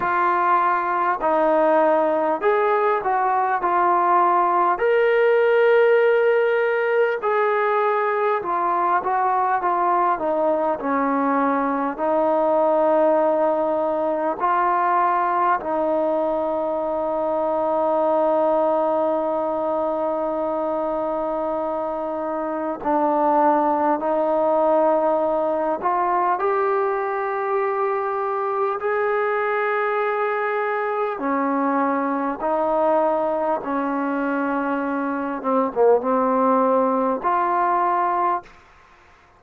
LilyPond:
\new Staff \with { instrumentName = "trombone" } { \time 4/4 \tempo 4 = 50 f'4 dis'4 gis'8 fis'8 f'4 | ais'2 gis'4 f'8 fis'8 | f'8 dis'8 cis'4 dis'2 | f'4 dis'2.~ |
dis'2. d'4 | dis'4. f'8 g'2 | gis'2 cis'4 dis'4 | cis'4. c'16 ais16 c'4 f'4 | }